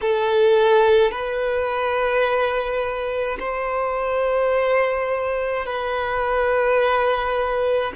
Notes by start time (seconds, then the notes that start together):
0.01 A4
1.11 B4
3.40 C5
5.66 B4